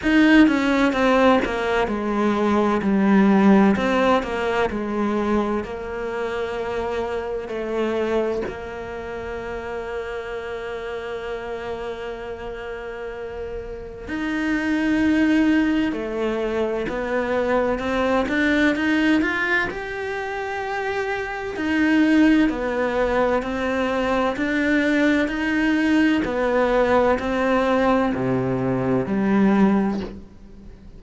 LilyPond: \new Staff \with { instrumentName = "cello" } { \time 4/4 \tempo 4 = 64 dis'8 cis'8 c'8 ais8 gis4 g4 | c'8 ais8 gis4 ais2 | a4 ais2.~ | ais2. dis'4~ |
dis'4 a4 b4 c'8 d'8 | dis'8 f'8 g'2 dis'4 | b4 c'4 d'4 dis'4 | b4 c'4 c4 g4 | }